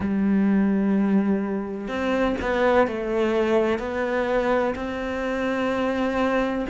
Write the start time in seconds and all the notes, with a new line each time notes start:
0.00 G3
1.87 C4
2.41 B3
2.87 A3
3.78 B3
4.74 C4